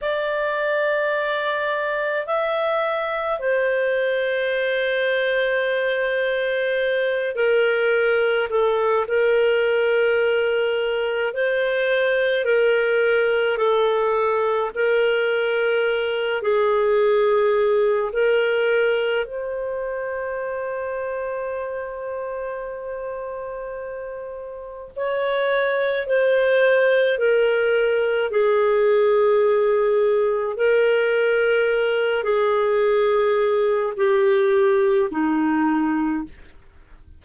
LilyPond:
\new Staff \with { instrumentName = "clarinet" } { \time 4/4 \tempo 4 = 53 d''2 e''4 c''4~ | c''2~ c''8 ais'4 a'8 | ais'2 c''4 ais'4 | a'4 ais'4. gis'4. |
ais'4 c''2.~ | c''2 cis''4 c''4 | ais'4 gis'2 ais'4~ | ais'8 gis'4. g'4 dis'4 | }